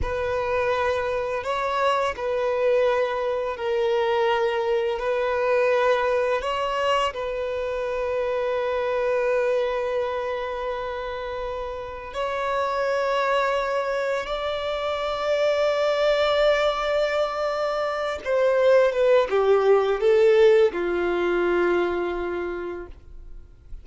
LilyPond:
\new Staff \with { instrumentName = "violin" } { \time 4/4 \tempo 4 = 84 b'2 cis''4 b'4~ | b'4 ais'2 b'4~ | b'4 cis''4 b'2~ | b'1~ |
b'4 cis''2. | d''1~ | d''4. c''4 b'8 g'4 | a'4 f'2. | }